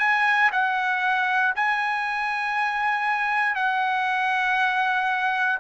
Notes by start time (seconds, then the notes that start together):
0.00 G#5
0.53 F#5
1.56 G#5
3.55 F#5